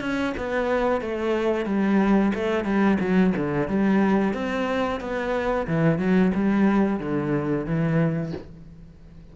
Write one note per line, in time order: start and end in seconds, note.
0.00 0.33 C#4
0.37 1.01 B3
1.01 1.65 A3
1.65 2.32 G3
2.34 2.64 A3
2.64 2.97 G3
3.00 3.33 F#3
3.36 3.68 D3
3.68 4.33 G3
4.33 5.00 C4
5.00 5.67 B3
5.67 5.98 E3
5.98 6.31 F#3
6.34 6.99 G3
6.99 7.65 D3
7.65 8.32 E3